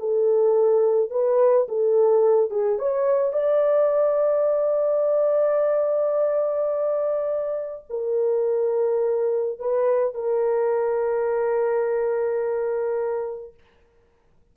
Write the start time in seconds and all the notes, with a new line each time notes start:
0.00 A4
1.11 B4
1.69 A4
2.51 G#4
2.79 C#5
3.33 D5
7.90 A#4
9.60 B4
10.15 A#4